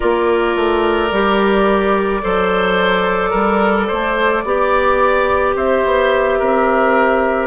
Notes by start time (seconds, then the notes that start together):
0.00 A#3 F4 A#4 D5
0.56 A3
1.11 G3 G4
2.21 F#3 A4 C5
3.30 G3 A#4
3.87 A3 C5
4.44 B3 G4 D5
5.55 C4 C5 E5
5.84 B3
6.38 C4 A#4